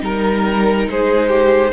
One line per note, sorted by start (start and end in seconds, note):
0.00 0.87 G3
0.00 1.71 D#4
0.00 0.89 A#4
0.00 0.90 A#4
0.87 1.73 G#3
0.87 1.29 G#4
0.87 1.73 C5
1.29 1.72 G4